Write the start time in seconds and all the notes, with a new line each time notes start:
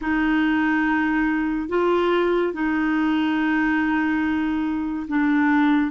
0.01 D#4
1.69 F4
2.53 D#4
5.08 D4